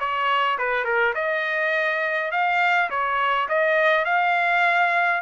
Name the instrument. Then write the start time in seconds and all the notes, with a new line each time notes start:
trumpet
0.00 C#5
0.58 B4
0.85 A#4
1.15 D#5
2.32 F5
2.90 C#5
3.49 D#5
4.05 F5